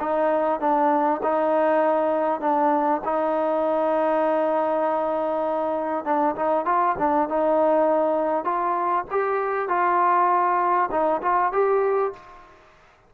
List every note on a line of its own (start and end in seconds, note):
0.00 0.60 D#4
0.60 1.21 D4
1.23 2.40 D#4
2.40 3.01 D4
3.04 6.05 D#4
6.05 6.35 D4
6.36 6.65 D#4
6.65 6.96 F4
6.99 7.29 D4
7.29 8.44 D#4
8.44 9.05 F4
9.11 9.68 G4
9.68 10.90 F4
10.91 11.21 D#4
11.22 11.52 F4
11.52 12.13 G4